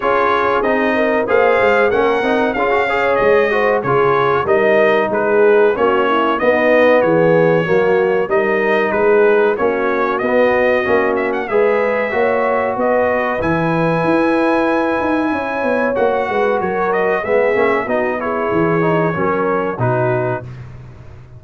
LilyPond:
<<
  \new Staff \with { instrumentName = "trumpet" } { \time 4/4 \tempo 4 = 94 cis''4 dis''4 f''4 fis''4 | f''4 dis''4 cis''4 dis''4 | b'4 cis''4 dis''4 cis''4~ | cis''4 dis''4 b'4 cis''4 |
dis''4. e''16 fis''16 e''2 | dis''4 gis''2.~ | gis''4 fis''4 cis''8 dis''8 e''4 | dis''8 cis''2~ cis''8 b'4 | }
  \new Staff \with { instrumentName = "horn" } { \time 4/4 gis'4. ais'8 c''4 ais'4 | gis'8 cis''4 c''8 gis'4 ais'4 | gis'4 fis'8 e'8 dis'4 gis'4 | fis'4 ais'4 gis'4 fis'4~ |
fis'2 b'4 cis''4 | b'1 | cis''4. b'8 ais'4 gis'4 | fis'8 gis'4. ais'4 fis'4 | }
  \new Staff \with { instrumentName = "trombone" } { \time 4/4 f'4 dis'4 gis'4 cis'8 dis'8 | f'16 fis'16 gis'4 fis'8 f'4 dis'4~ | dis'4 cis'4 b2 | ais4 dis'2 cis'4 |
b4 cis'4 gis'4 fis'4~ | fis'4 e'2.~ | e'4 fis'2 b8 cis'8 | dis'8 e'4 dis'8 cis'4 dis'4 | }
  \new Staff \with { instrumentName = "tuba" } { \time 4/4 cis'4 c'4 ais8 gis8 ais8 c'8 | cis'4 gis4 cis4 g4 | gis4 ais4 b4 e4 | fis4 g4 gis4 ais4 |
b4 ais4 gis4 ais4 | b4 e4 e'4. dis'8 | cis'8 b8 ais8 gis8 fis4 gis8 ais8 | b4 e4 fis4 b,4 | }
>>